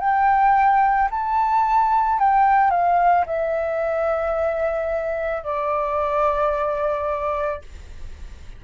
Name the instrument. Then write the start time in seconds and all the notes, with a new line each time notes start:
flute
0.00 G5
1.11 A5
2.19 G5
2.71 F5
3.27 E5
5.44 D5